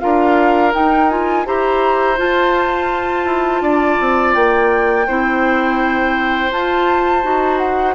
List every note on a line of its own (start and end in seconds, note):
0.00 0.74 D4
0.00 0.73 F4
0.00 1.46 A#4
0.00 0.72 F5
0.73 1.09 D#4
0.73 1.46 D#4
0.73 1.10 G5
1.09 1.45 F4
1.09 1.46 G#5
1.45 2.19 E4
1.45 2.17 G4
1.45 3.62 C5
1.45 2.19 A#5
2.17 5.06 F4
2.17 3.25 F4
2.17 4.34 A5
3.25 3.61 E4
3.61 3.97 D4
3.61 5.07 D5
4.00 4.35 C4
4.34 5.07 A#3
4.34 6.51 G5
5.07 6.52 C4
5.07 6.51 E4
5.07 7.95 C5
6.51 7.22 F4
6.51 7.24 F4
6.51 7.58 A5
7.22 7.95 D#4
7.22 7.95 F#4
7.58 7.94 F#5